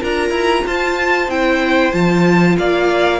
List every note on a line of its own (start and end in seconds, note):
0.00 0.30 D4
0.00 1.29 F4
0.00 0.64 A#4
0.00 0.67 A#5
0.30 0.62 E4
0.66 1.28 F4
0.66 2.58 C5
0.66 1.30 A5
1.28 1.91 C4
1.28 1.93 E4
1.28 1.92 G5
1.92 2.57 F3
1.92 3.20 F4
1.92 2.56 A5
2.58 3.20 A#3
2.58 3.20 D5
2.58 3.20 F5